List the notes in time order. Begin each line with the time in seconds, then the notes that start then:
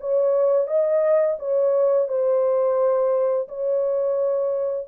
0.00 C#5
0.67 D#5
1.39 C#5
2.08 C5
3.48 C#5